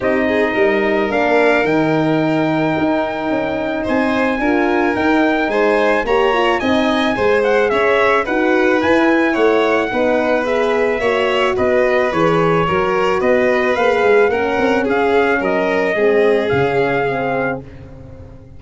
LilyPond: <<
  \new Staff \with { instrumentName = "trumpet" } { \time 4/4 \tempo 4 = 109 dis''2 f''4 g''4~ | g''2. gis''4~ | gis''4 g''4 gis''4 ais''4 | gis''4. fis''8 e''4 fis''4 |
gis''4 fis''2 e''4~ | e''4 dis''4 cis''2 | dis''4 f''4 fis''4 f''4 | dis''2 f''2 | }
  \new Staff \with { instrumentName = "violin" } { \time 4/4 g'8 gis'8 ais'2.~ | ais'2. c''4 | ais'2 c''4 cis''4 | dis''4 c''4 cis''4 b'4~ |
b'4 cis''4 b'2 | cis''4 b'2 ais'4 | b'2 ais'4 gis'4 | ais'4 gis'2. | }
  \new Staff \with { instrumentName = "horn" } { \time 4/4 dis'2 d'4 dis'4~ | dis'1 | f'4 dis'2 g'8 f'8 | dis'4 gis'2 fis'4 |
e'2 dis'4 gis'4 | fis'2 gis'4 fis'4~ | fis'4 gis'4 cis'2~ | cis'4 c'4 cis'4 c'4 | }
  \new Staff \with { instrumentName = "tuba" } { \time 4/4 c'4 g4 ais4 dis4~ | dis4 dis'4 cis'4 c'4 | d'4 dis'4 gis4 ais4 | c'4 gis4 cis'4 dis'4 |
e'4 a4 b2 | ais4 b4 e4 fis4 | b4 ais8 gis8 ais8 c'8 cis'4 | fis4 gis4 cis2 | }
>>